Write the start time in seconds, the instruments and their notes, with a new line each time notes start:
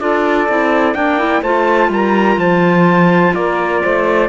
0.00 cello D4, clarinet F4, saxophone A4, trumpet D5
0.49 cello C4, clarinet E4
0.95 cello A#3, clarinet D4, saxophone D5, trumpet G5
1.19 clarinet E4
1.41 cello A3, clarinet F4, saxophone C5, trumpet A5
1.89 cello G3, saxophone A#4, trumpet A#5
2.37 cello F3, saxophone C5, trumpet A5
3.34 cello A#3, saxophone A#4, trumpet D5
3.82 cello A3, saxophone C5